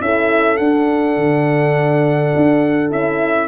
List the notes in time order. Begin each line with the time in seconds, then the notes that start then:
0.00 C#4 E4 A4 E5
0.57 D4 F#5
1.17 D3
2.36 D4
2.89 C#4 E4 E5